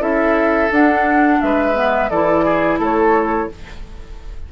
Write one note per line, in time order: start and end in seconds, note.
0.00 0.70 C#4
0.00 0.69 E4
0.00 1.39 A4
0.00 0.71 E5
0.71 1.40 D4
0.71 1.74 D4
0.71 1.41 F#5
1.41 2.10 G#3
1.41 2.10 B4
1.41 2.10 E5
1.74 2.09 B3
2.10 2.79 E3
2.10 3.51 E4
2.10 2.45 A4
2.10 2.79 D5
2.45 2.79 G#4
2.79 3.48 A3
2.79 3.48 A4
2.79 3.52 C#5